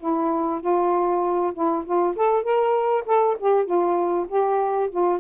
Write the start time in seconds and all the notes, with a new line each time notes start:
0.00 E4
0.61 F4
1.54 E4
1.85 F4
2.16 A4
2.44 A#4
3.06 A4
3.40 G4
3.65 F4
4.29 G4
4.91 F4